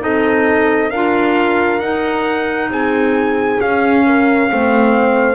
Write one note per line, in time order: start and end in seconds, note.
0.00 0.92 C4
0.00 0.90 D#4
0.00 0.91 A4
0.00 0.91 D#5
0.91 1.81 D4
0.91 1.82 F4
0.91 2.70 A#4
0.91 1.80 F5
1.80 2.70 D#4
1.80 3.61 D#4
1.80 2.70 F#5
2.70 3.60 C4
2.70 4.05 G#4
2.70 3.61 G#5
3.61 4.51 C#4
3.61 5.36 F5
4.06 4.51 A#4
4.51 5.36 A3
4.51 5.36 C4
4.51 5.36 C5